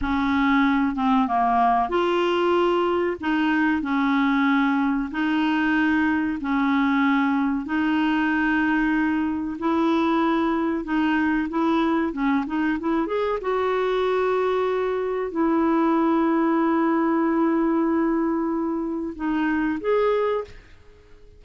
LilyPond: \new Staff \with { instrumentName = "clarinet" } { \time 4/4 \tempo 4 = 94 cis'4. c'8 ais4 f'4~ | f'4 dis'4 cis'2 | dis'2 cis'2 | dis'2. e'4~ |
e'4 dis'4 e'4 cis'8 dis'8 | e'8 gis'8 fis'2. | e'1~ | e'2 dis'4 gis'4 | }